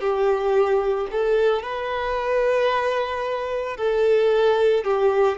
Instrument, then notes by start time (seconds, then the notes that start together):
violin
0.00 G4
1.11 A4
1.63 B4
3.77 A4
4.84 G4